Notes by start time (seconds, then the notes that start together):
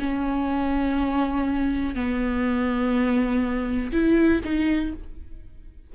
0.00 C#4
1.94 B3
3.92 E4
4.44 D#4